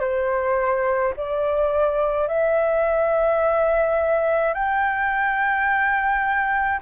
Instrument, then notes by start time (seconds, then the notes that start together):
flute
0.00 C5
1.16 D5
2.27 E5
4.53 G5